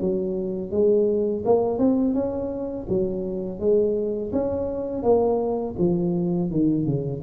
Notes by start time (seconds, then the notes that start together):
0.00 F#3
0.71 G#3
1.45 A#3
1.78 C4
2.14 C#4
2.88 F#3
3.59 G#3
4.32 C#4
5.03 A#3
5.78 F3
6.50 D#3
6.85 C#3